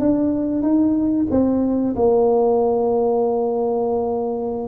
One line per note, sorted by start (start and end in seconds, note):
0.00 0.62 D4
0.62 1.27 D#4
1.31 1.95 C4
1.96 4.68 A#3